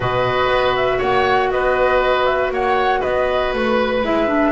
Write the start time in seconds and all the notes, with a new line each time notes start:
0.00 B2 F#4 B4 D#5
0.48 B3
0.75 E5
0.98 A#3 C#5 F#5
1.51 B3 B4 D#5
2.26 E5
2.50 A#3 C#5 F#5
2.99 B3 B4 D#5
3.53 A3 B4
4.02 G#3 E4 E5
4.27 D4